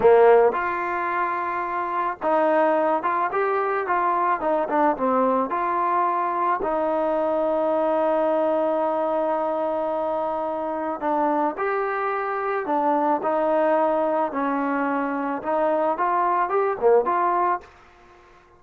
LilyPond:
\new Staff \with { instrumentName = "trombone" } { \time 4/4 \tempo 4 = 109 ais4 f'2. | dis'4. f'8 g'4 f'4 | dis'8 d'8 c'4 f'2 | dis'1~ |
dis'1 | d'4 g'2 d'4 | dis'2 cis'2 | dis'4 f'4 g'8 ais8 f'4 | }